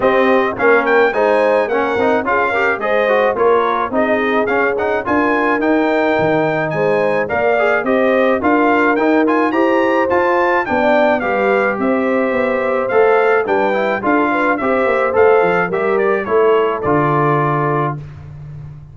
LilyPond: <<
  \new Staff \with { instrumentName = "trumpet" } { \time 4/4 \tempo 4 = 107 dis''4 f''8 g''8 gis''4 fis''4 | f''4 dis''4 cis''4 dis''4 | f''8 fis''8 gis''4 g''2 | gis''4 f''4 dis''4 f''4 |
g''8 gis''8 ais''4 a''4 g''4 | f''4 e''2 f''4 | g''4 f''4 e''4 f''4 | e''8 d''8 cis''4 d''2 | }
  \new Staff \with { instrumentName = "horn" } { \time 4/4 g'4 ais'4 c''4 ais'4 | gis'8 ais'8 c''4 ais'4 gis'4~ | gis'4 ais'2. | c''4 d''4 c''4 ais'4~ |
ais'4 c''2 d''4 | b'4 c''2. | b'4 a'8 b'8 c''2 | ais'4 a'2. | }
  \new Staff \with { instrumentName = "trombone" } { \time 4/4 c'4 cis'4 dis'4 cis'8 dis'8 | f'8 g'8 gis'8 fis'8 f'4 dis'4 | cis'8 dis'8 f'4 dis'2~ | dis'4 ais'8 gis'8 g'4 f'4 |
dis'8 f'8 g'4 f'4 d'4 | g'2. a'4 | d'8 e'8 f'4 g'4 a'4 | g'4 e'4 f'2 | }
  \new Staff \with { instrumentName = "tuba" } { \time 4/4 c'4 ais4 gis4 ais8 c'8 | cis'4 gis4 ais4 c'4 | cis'4 d'4 dis'4 dis4 | gis4 ais4 c'4 d'4 |
dis'4 e'4 f'4 b4 | g4 c'4 b4 a4 | g4 d'4 c'8 ais8 a8 f8 | g4 a4 d2 | }
>>